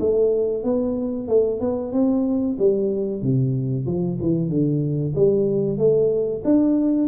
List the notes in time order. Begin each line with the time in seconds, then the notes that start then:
0.00 A3
0.64 B3
1.28 A3
1.60 B3
1.92 C4
2.59 G3
3.22 C3
3.86 F3
4.21 E3
4.49 D3
5.15 G3
5.78 A3
6.45 D4